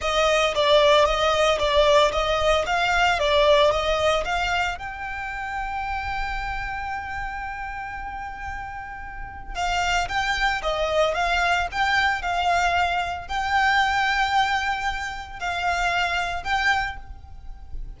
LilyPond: \new Staff \with { instrumentName = "violin" } { \time 4/4 \tempo 4 = 113 dis''4 d''4 dis''4 d''4 | dis''4 f''4 d''4 dis''4 | f''4 g''2.~ | g''1~ |
g''2 f''4 g''4 | dis''4 f''4 g''4 f''4~ | f''4 g''2.~ | g''4 f''2 g''4 | }